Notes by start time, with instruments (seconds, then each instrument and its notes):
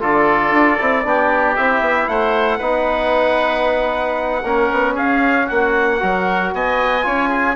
0.00 bassoon D3, trombone F4, oboe A4, trumpet D5
0.51 bassoon D4
0.79 bassoon C4, trombone E4
1.05 bassoon B3, trombone D4, oboe G4
1.57 bassoon C4, trombone E4, trumpet E5
1.81 bassoon B3
2.08 bassoon A3, oboe C5, trumpet F#5
2.59 bassoon B3, trombone D#4, oboe B4
4.44 bassoon A#3, trombone C#4, oboe A#4
4.72 bassoon B3
4.95 bassoon C#4, oboe G#4, trumpet F5
5.47 bassoon A#3, oboe F#4, trumpet F#5
6.00 bassoon F#3, trombone F#4, oboe A#4
6.54 bassoon B3, oboe D#5, trumpet G#5
7.03 bassoon C#4, trombone F4, oboe C#5
7.29 oboe G#4